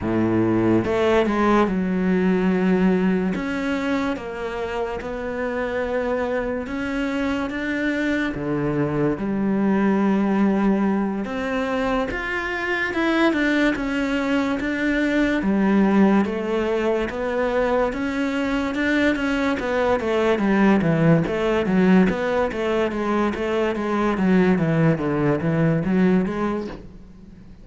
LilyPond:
\new Staff \with { instrumentName = "cello" } { \time 4/4 \tempo 4 = 72 a,4 a8 gis8 fis2 | cis'4 ais4 b2 | cis'4 d'4 d4 g4~ | g4. c'4 f'4 e'8 |
d'8 cis'4 d'4 g4 a8~ | a8 b4 cis'4 d'8 cis'8 b8 | a8 g8 e8 a8 fis8 b8 a8 gis8 | a8 gis8 fis8 e8 d8 e8 fis8 gis8 | }